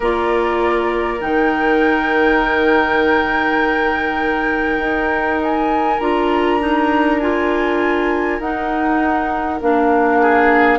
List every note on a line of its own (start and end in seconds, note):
0.00 1.20 A#3
0.00 1.19 F4
0.00 10.20 A#4
0.00 1.20 D5
1.19 4.79 D#3
1.19 5.99 D#4
1.19 5.40 G5
4.79 5.99 D#4
5.42 6.00 G#5
5.99 8.39 D4
5.99 6.59 F4
5.99 7.19 A#5
6.59 7.20 D#4
7.19 8.40 F4
7.19 8.39 G#5
8.39 9.59 D#4
8.39 9.60 D#4
8.39 9.60 F#5
9.60 10.78 A#3
9.60 10.78 D4
9.60 10.78 F5
10.21 10.78 G#4